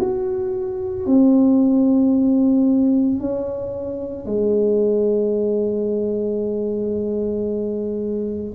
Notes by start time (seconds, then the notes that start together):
0.00 F#4
1.06 C4
3.20 C#4
4.26 G#3